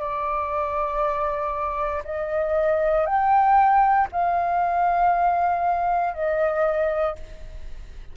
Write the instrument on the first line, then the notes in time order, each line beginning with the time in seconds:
flute
0.00 D5
2.05 D#5
3.06 G5
4.12 F5
6.14 D#5